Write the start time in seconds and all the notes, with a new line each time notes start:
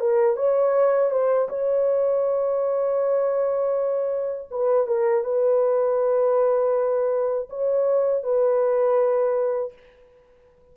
0.00 A#4
0.36 C#5
1.11 C5
1.49 C#5
4.51 B4
4.87 A#4
5.24 B4
7.49 C#5
8.23 B4